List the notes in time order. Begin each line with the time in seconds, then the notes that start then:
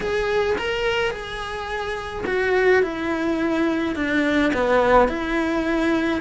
0.00 G#4
0.58 A#4
1.10 G#4
2.26 F#4
2.83 E4
3.95 D4
4.53 B3
5.08 E4